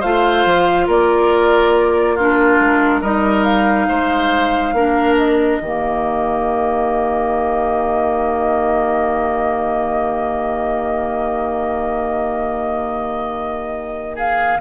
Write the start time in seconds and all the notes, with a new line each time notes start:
0.00 A3 F4 C5 F5
0.45 F3
0.87 A#3 A#4 D5
2.15 D4 F4 A#4
2.60 G#3
3.01 G3 D#4 A#4 D#5
3.44 F5
3.88 G#3 C5
4.73 A#3 D4 A#4
5.17 D#5
5.61 D#3 A#3 G4
14.15 G#4 F5